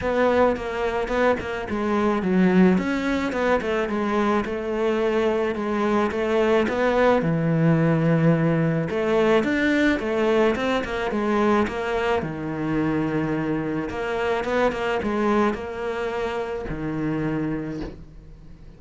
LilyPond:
\new Staff \with { instrumentName = "cello" } { \time 4/4 \tempo 4 = 108 b4 ais4 b8 ais8 gis4 | fis4 cis'4 b8 a8 gis4 | a2 gis4 a4 | b4 e2. |
a4 d'4 a4 c'8 ais8 | gis4 ais4 dis2~ | dis4 ais4 b8 ais8 gis4 | ais2 dis2 | }